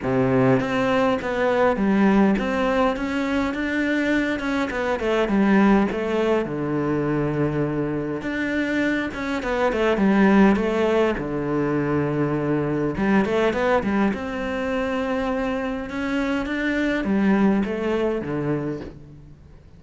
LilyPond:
\new Staff \with { instrumentName = "cello" } { \time 4/4 \tempo 4 = 102 c4 c'4 b4 g4 | c'4 cis'4 d'4. cis'8 | b8 a8 g4 a4 d4~ | d2 d'4. cis'8 |
b8 a8 g4 a4 d4~ | d2 g8 a8 b8 g8 | c'2. cis'4 | d'4 g4 a4 d4 | }